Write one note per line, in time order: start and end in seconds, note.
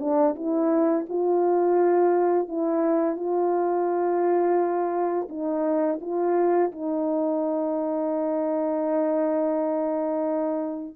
0.00 0.35 D4
0.36 1.06 E4
1.09 2.48 F4
2.48 3.17 E4
3.17 5.28 F4
5.29 6.00 D#4
6.01 6.72 F4
6.73 10.96 D#4